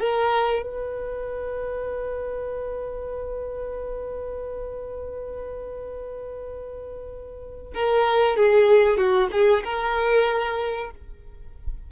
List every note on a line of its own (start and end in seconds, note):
0.00 0.63 A#4
0.63 7.74 B4
7.75 8.37 A#4
8.37 8.98 G#4
8.98 9.29 F#4
9.32 9.64 G#4
9.65 10.91 A#4